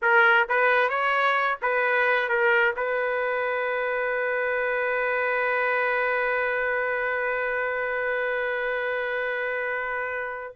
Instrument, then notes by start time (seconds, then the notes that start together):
trumpet
0.02 A#4
0.48 B4
0.89 C#5
1.62 B4
2.28 A#4
2.76 B4